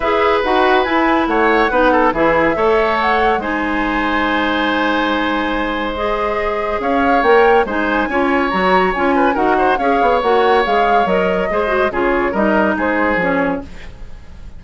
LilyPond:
<<
  \new Staff \with { instrumentName = "flute" } { \time 4/4 \tempo 4 = 141 e''4 fis''4 gis''4 fis''4~ | fis''4 e''2 fis''4 | gis''1~ | gis''2 dis''2 |
f''4 g''4 gis''2 | ais''4 gis''4 fis''4 f''4 | fis''4 f''4 dis''2 | cis''4 dis''4 c''4 cis''4 | }
  \new Staff \with { instrumentName = "oboe" } { \time 4/4 b'2. cis''4 | b'8 a'8 gis'4 cis''2 | c''1~ | c''1 |
cis''2 c''4 cis''4~ | cis''4. b'8 ais'8 c''8 cis''4~ | cis''2. c''4 | gis'4 ais'4 gis'2 | }
  \new Staff \with { instrumentName = "clarinet" } { \time 4/4 gis'4 fis'4 e'2 | dis'4 e'4 a'2 | dis'1~ | dis'2 gis'2~ |
gis'4 ais'4 dis'4 f'4 | fis'4 f'4 fis'4 gis'4 | fis'4 gis'4 ais'4 gis'8 fis'8 | f'4 dis'2 cis'4 | }
  \new Staff \with { instrumentName = "bassoon" } { \time 4/4 e'4 dis'4 e'4 a4 | b4 e4 a2 | gis1~ | gis1 |
cis'4 ais4 gis4 cis'4 | fis4 cis'4 dis'4 cis'8 b8 | ais4 gis4 fis4 gis4 | cis4 g4 gis4 f4 | }
>>